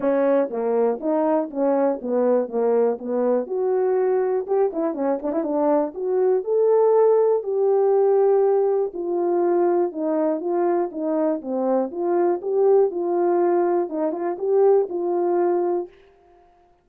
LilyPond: \new Staff \with { instrumentName = "horn" } { \time 4/4 \tempo 4 = 121 cis'4 ais4 dis'4 cis'4 | b4 ais4 b4 fis'4~ | fis'4 g'8 e'8 cis'8 d'16 e'16 d'4 | fis'4 a'2 g'4~ |
g'2 f'2 | dis'4 f'4 dis'4 c'4 | f'4 g'4 f'2 | dis'8 f'8 g'4 f'2 | }